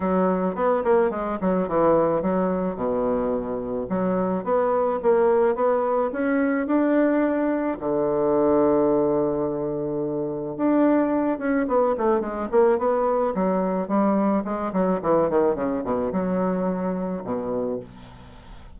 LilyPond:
\new Staff \with { instrumentName = "bassoon" } { \time 4/4 \tempo 4 = 108 fis4 b8 ais8 gis8 fis8 e4 | fis4 b,2 fis4 | b4 ais4 b4 cis'4 | d'2 d2~ |
d2. d'4~ | d'8 cis'8 b8 a8 gis8 ais8 b4 | fis4 g4 gis8 fis8 e8 dis8 | cis8 b,8 fis2 b,4 | }